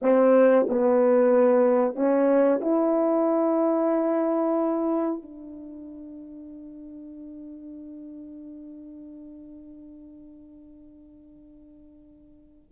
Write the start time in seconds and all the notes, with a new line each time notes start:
0.01 C4
0.68 B3
1.95 C#4
2.61 E4
5.22 D4